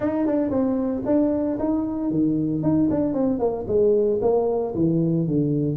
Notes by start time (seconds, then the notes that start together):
0.00 D#4
0.26 D4
0.50 C4
1.05 D4
1.59 D#4
2.10 D#3
2.62 D#4
2.90 D4
3.13 C4
3.39 A#3
3.67 G#3
4.21 A#3
4.74 E3
5.27 D3